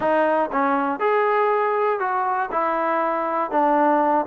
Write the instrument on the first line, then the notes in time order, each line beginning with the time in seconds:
trombone
0.00 D#4
0.52 C#4
0.99 G#4
1.99 F#4
2.51 E4
3.50 D4